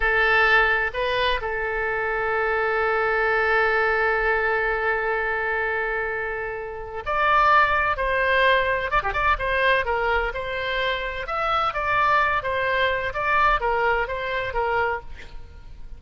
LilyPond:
\new Staff \with { instrumentName = "oboe" } { \time 4/4 \tempo 4 = 128 a'2 b'4 a'4~ | a'1~ | a'1~ | a'2. d''4~ |
d''4 c''2 d''16 g'16 d''8 | c''4 ais'4 c''2 | e''4 d''4. c''4. | d''4 ais'4 c''4 ais'4 | }